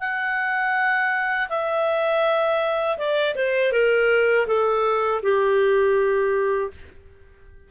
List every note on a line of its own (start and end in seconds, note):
0.00 1.48 F#5
1.49 2.97 E5
2.97 3.34 D5
3.35 3.72 C5
3.72 4.46 A#4
4.47 5.21 A4
5.22 6.70 G4